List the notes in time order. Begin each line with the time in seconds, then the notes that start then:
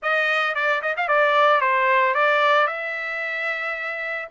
0.02 D#5
0.55 D5
0.82 D#5
0.96 F5
1.07 D5
1.60 C5
2.14 D5
2.67 E5